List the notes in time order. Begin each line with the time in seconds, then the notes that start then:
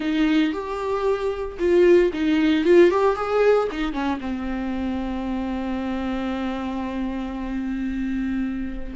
0.00 D#4
0.52 G4
1.59 F4
2.13 D#4
2.65 F4
2.90 G4
3.15 G#4
3.71 D#4
3.92 C#4
4.20 C4